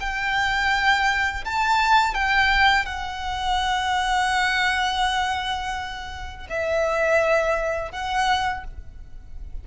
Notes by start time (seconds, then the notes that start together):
0.00 G5
1.45 A5
2.15 G5
2.86 F#5
6.49 E5
7.92 F#5